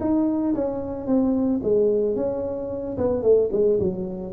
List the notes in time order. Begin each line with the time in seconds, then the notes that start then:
0.00 D#4
0.55 C#4
1.07 C4
1.63 G#3
2.16 C#4
2.97 B3
3.22 A3
3.52 G#3
3.80 F#3